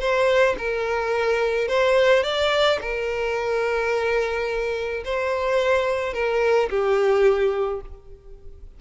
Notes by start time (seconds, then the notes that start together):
0.00 C5
0.58 A#4
1.68 C5
2.23 D5
2.81 A#4
5.05 C5
6.14 A#4
6.70 G4